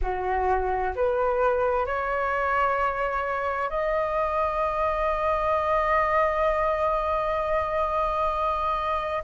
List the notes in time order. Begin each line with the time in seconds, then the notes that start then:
0.01 F#4
0.95 B4
1.86 C#5
3.69 D#5